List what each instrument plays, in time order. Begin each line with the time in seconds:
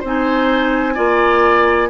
0.00 bassoon C4, clarinet D#4, oboe C5
0.06 flute G#5
0.95 bassoon A#3, clarinet F4, oboe D5